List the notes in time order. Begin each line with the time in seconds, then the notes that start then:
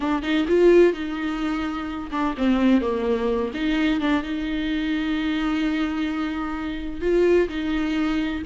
0.00 D4
0.22 D#4
0.48 F4
0.93 D#4
2.11 D4
2.37 C4
2.81 A#3
3.53 D#4
4.00 D4
4.23 D#4
7.01 F4
7.48 D#4